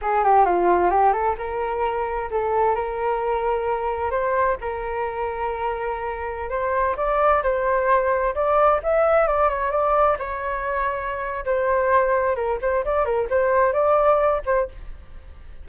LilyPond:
\new Staff \with { instrumentName = "flute" } { \time 4/4 \tempo 4 = 131 gis'8 g'8 f'4 g'8 a'8 ais'4~ | ais'4 a'4 ais'2~ | ais'4 c''4 ais'2~ | ais'2~ ais'16 c''4 d''8.~ |
d''16 c''2 d''4 e''8.~ | e''16 d''8 cis''8 d''4 cis''4.~ cis''16~ | cis''4 c''2 ais'8 c''8 | d''8 ais'8 c''4 d''4. c''8 | }